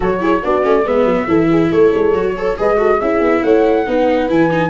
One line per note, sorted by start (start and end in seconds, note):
0.00 0.43 F#3
0.00 0.20 F#4
0.00 0.20 A4
0.00 0.44 C#5
0.20 0.42 E4
0.20 0.43 G#4
0.43 0.64 B3
0.43 0.62 D4
0.43 0.85 F#4
0.43 0.87 D5
0.62 0.84 A3
0.62 0.83 C#4
0.84 1.05 G#3
0.84 1.27 B3
0.84 1.27 B4
0.84 1.71 E5
1.05 1.26 F#3
1.27 1.70 E3
1.27 2.13 E4
1.27 1.49 A4
1.50 1.71 G#4
1.70 1.92 A3
1.70 2.36 A4
1.70 2.57 C#5
1.94 2.13 G#3
2.13 2.56 F#3
2.13 2.35 F#4
2.36 2.57 A4
2.36 2.58 C#5
2.57 3.01 G#3
2.57 2.77 G#4
2.57 2.78 B4
2.57 3.00 D#5
2.77 2.98 F#4
2.77 2.99 A4
3.00 3.20 C#4
3.00 3.85 E4
3.00 3.43 G#4
3.00 3.43 E5
3.20 3.41 B3
3.43 3.87 A3
3.43 3.86 C#5
3.43 4.28 F#5
3.85 4.29 B3
3.85 4.28 D#4
3.85 4.70 B4
4.28 4.70 E3
4.28 4.50 E4
4.28 4.70 G#5
4.50 4.70 D#4